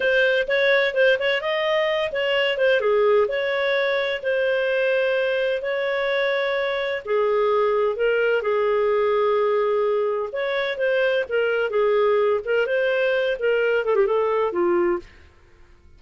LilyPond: \new Staff \with { instrumentName = "clarinet" } { \time 4/4 \tempo 4 = 128 c''4 cis''4 c''8 cis''8 dis''4~ | dis''8 cis''4 c''8 gis'4 cis''4~ | cis''4 c''2. | cis''2. gis'4~ |
gis'4 ais'4 gis'2~ | gis'2 cis''4 c''4 | ais'4 gis'4. ais'8 c''4~ | c''8 ais'4 a'16 g'16 a'4 f'4 | }